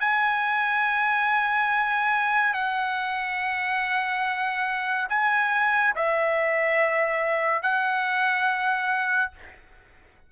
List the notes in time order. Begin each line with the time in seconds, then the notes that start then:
0.00 G#5
2.53 F#5
5.09 G#5
5.95 E5
7.62 F#5